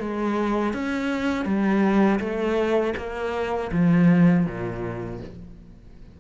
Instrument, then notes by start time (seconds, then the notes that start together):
cello
0.00 G#3
0.74 C#4
1.46 G3
2.20 A3
2.98 A#3
3.72 F3
4.46 A#2